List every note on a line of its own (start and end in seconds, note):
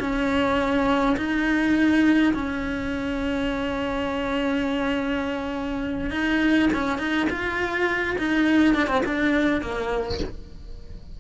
0.00 1.17 C#4
1.17 2.34 D#4
2.34 6.11 C#4
6.11 6.69 D#4
6.74 6.98 C#4
6.98 7.28 D#4
7.30 8.17 F4
8.18 8.75 D#4
8.75 8.87 D4
8.87 9.02 C4
9.06 9.62 D4
9.62 10.20 A#3